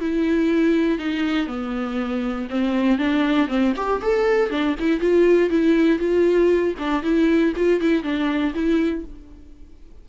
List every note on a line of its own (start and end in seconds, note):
0.00 0.99 E4
0.99 1.47 D#4
1.47 2.48 B3
2.50 2.98 C4
2.98 3.48 D4
3.48 3.73 C4
3.76 4.01 G4
4.02 4.50 A4
4.50 4.76 D4
4.79 5.00 E4
5.00 5.50 F4
5.50 5.99 E4
5.99 6.74 F4
6.79 7.03 D4
7.03 7.53 E4
7.56 7.81 F4
7.81 8.03 E4
8.03 8.53 D4
8.54 9.05 E4